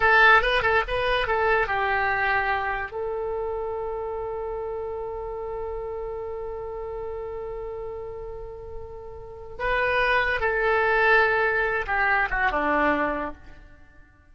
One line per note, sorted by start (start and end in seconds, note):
0.00 0.42 A4
0.42 0.62 B4
0.62 0.83 A4
0.87 1.27 B4
1.27 1.67 A4
1.67 2.91 G4
2.91 9.58 A4
9.58 10.40 B4
10.40 11.86 A4
11.87 12.28 G4
12.30 12.51 F#4
12.51 13.34 D4